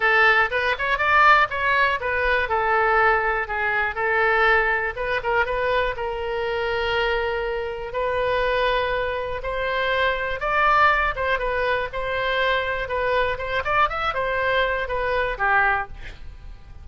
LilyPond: \new Staff \with { instrumentName = "oboe" } { \time 4/4 \tempo 4 = 121 a'4 b'8 cis''8 d''4 cis''4 | b'4 a'2 gis'4 | a'2 b'8 ais'8 b'4 | ais'1 |
b'2. c''4~ | c''4 d''4. c''8 b'4 | c''2 b'4 c''8 d''8 | e''8 c''4. b'4 g'4 | }